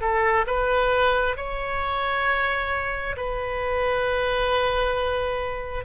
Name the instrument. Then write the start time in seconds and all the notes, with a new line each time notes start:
oboe
0.00 A4
0.46 B4
1.36 C#5
3.16 B4